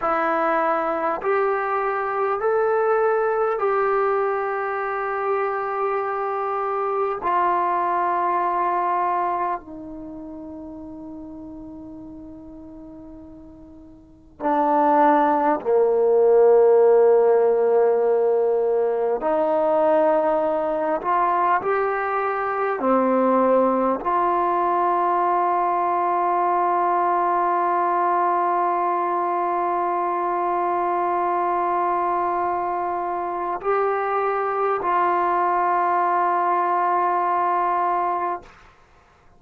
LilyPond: \new Staff \with { instrumentName = "trombone" } { \time 4/4 \tempo 4 = 50 e'4 g'4 a'4 g'4~ | g'2 f'2 | dis'1 | d'4 ais2. |
dis'4. f'8 g'4 c'4 | f'1~ | f'1 | g'4 f'2. | }